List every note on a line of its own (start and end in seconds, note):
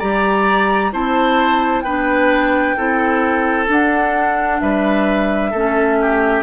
0.00 0.93 G3
0.00 0.93 G4
0.00 0.92 D5
0.00 0.92 A#5
0.93 1.84 C4
0.93 1.85 E4
0.93 1.84 C5
0.93 1.82 A5
1.82 2.76 B3
1.82 2.77 D4
1.82 2.77 B4
1.82 3.66 G5
2.77 3.69 C4
2.77 3.68 E4
2.77 4.62 A4
3.68 5.52 D4
3.68 4.62 D4
3.68 4.61 F#5
4.61 5.54 G3
4.61 5.51 B4
4.61 6.43 E5
5.51 6.43 A3
5.51 6.43 C#4
5.51 5.97 A4
6.02 6.43 G4